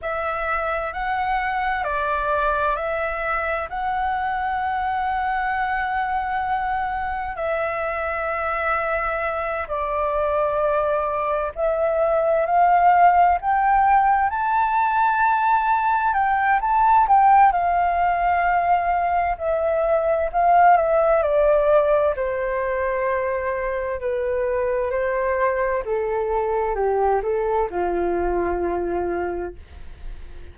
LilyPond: \new Staff \with { instrumentName = "flute" } { \time 4/4 \tempo 4 = 65 e''4 fis''4 d''4 e''4 | fis''1 | e''2~ e''8 d''4.~ | d''8 e''4 f''4 g''4 a''8~ |
a''4. g''8 a''8 g''8 f''4~ | f''4 e''4 f''8 e''8 d''4 | c''2 b'4 c''4 | a'4 g'8 a'8 f'2 | }